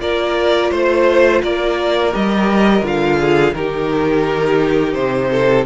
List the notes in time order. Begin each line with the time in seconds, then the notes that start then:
0.00 A#3 F4 A#4 D5
0.71 A3 C5
1.43 A#3 A#4 D5
2.11 G3 G4 D#5
2.82 D3 F4 F5
3.18 G#4
3.53 D#3 D#4 G4 A#4
4.93 C3 C5
5.31 A4